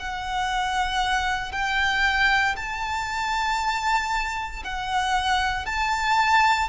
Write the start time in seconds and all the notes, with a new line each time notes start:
0.00 F#5
1.52 G5
2.57 A5
4.65 F#5
5.67 A5